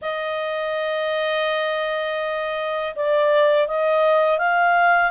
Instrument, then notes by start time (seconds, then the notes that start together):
clarinet
0.01 D#5
2.95 D5
3.67 D#5
4.38 F5